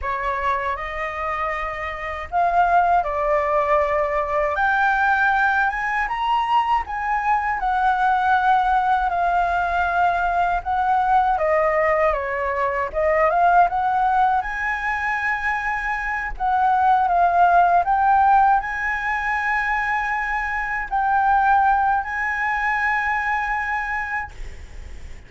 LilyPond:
\new Staff \with { instrumentName = "flute" } { \time 4/4 \tempo 4 = 79 cis''4 dis''2 f''4 | d''2 g''4. gis''8 | ais''4 gis''4 fis''2 | f''2 fis''4 dis''4 |
cis''4 dis''8 f''8 fis''4 gis''4~ | gis''4. fis''4 f''4 g''8~ | g''8 gis''2. g''8~ | g''4 gis''2. | }